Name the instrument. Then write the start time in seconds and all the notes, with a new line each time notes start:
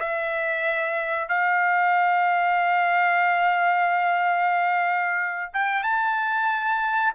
trumpet
0.00 E5
1.28 F5
5.54 G5
5.83 A5